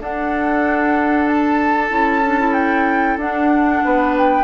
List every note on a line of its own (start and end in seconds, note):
0.00 1.91 D4
0.00 1.90 D4
0.00 3.84 A4
0.00 1.28 F#5
1.28 2.54 A5
1.90 3.17 C#4
1.90 2.22 E4
2.26 2.40 D4
2.40 3.19 E4
2.54 3.17 G5
3.17 3.81 D4
3.17 4.45 D4
3.17 4.17 F#5
3.85 4.45 B3
3.85 4.45 B4
4.18 4.45 G5